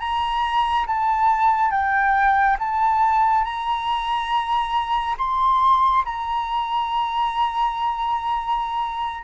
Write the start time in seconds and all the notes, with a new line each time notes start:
0.00 A#5
0.87 A5
1.71 G5
2.59 A5
3.44 A#5
5.18 C6
6.05 A#5